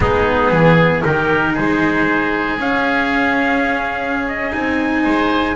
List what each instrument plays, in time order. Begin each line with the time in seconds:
0.00 double bass G#3, cello B3, oboe D#4, trumpet G#4
0.51 double bass E3, oboe G#4
1.02 double bass D#3, cello D#4, oboe G4, trumpet A#4
1.53 double bass G#3, oboe G#4, trumpet C5
2.59 cello C#4, double bass C#4, trumpet F5
4.27 trumpet D#5
4.50 double bass C4, cello D#4, trumpet G#5
5.03 double bass G#3, oboe C5